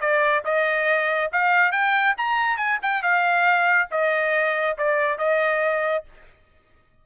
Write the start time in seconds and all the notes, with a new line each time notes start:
0.00 D5
0.44 D#5
1.32 F5
1.71 G5
2.17 A#5
2.57 G#5
2.82 G5
3.02 F5
3.91 D#5
4.77 D5
5.18 D#5